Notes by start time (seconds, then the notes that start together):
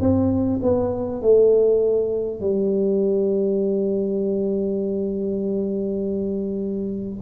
0.00 C4
0.62 B3
1.22 A3
2.41 G3